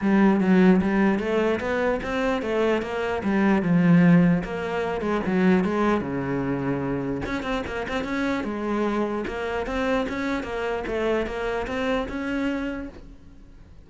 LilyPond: \new Staff \with { instrumentName = "cello" } { \time 4/4 \tempo 4 = 149 g4 fis4 g4 a4 | b4 c'4 a4 ais4 | g4 f2 ais4~ | ais8 gis8 fis4 gis4 cis4~ |
cis2 cis'8 c'8 ais8 c'8 | cis'4 gis2 ais4 | c'4 cis'4 ais4 a4 | ais4 c'4 cis'2 | }